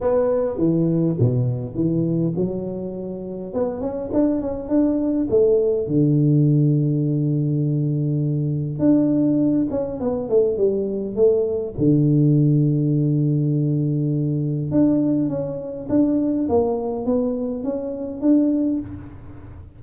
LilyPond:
\new Staff \with { instrumentName = "tuba" } { \time 4/4 \tempo 4 = 102 b4 e4 b,4 e4 | fis2 b8 cis'8 d'8 cis'8 | d'4 a4 d2~ | d2. d'4~ |
d'8 cis'8 b8 a8 g4 a4 | d1~ | d4 d'4 cis'4 d'4 | ais4 b4 cis'4 d'4 | }